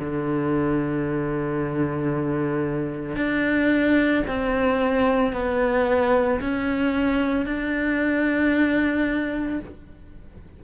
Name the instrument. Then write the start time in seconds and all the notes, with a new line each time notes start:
cello
0.00 D3
3.16 D4
4.27 C4
5.33 B3
6.40 C#4
7.46 D4